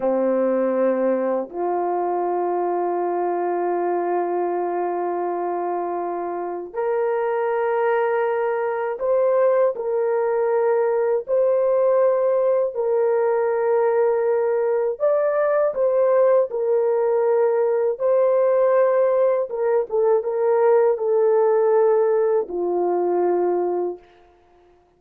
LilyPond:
\new Staff \with { instrumentName = "horn" } { \time 4/4 \tempo 4 = 80 c'2 f'2~ | f'1~ | f'4 ais'2. | c''4 ais'2 c''4~ |
c''4 ais'2. | d''4 c''4 ais'2 | c''2 ais'8 a'8 ais'4 | a'2 f'2 | }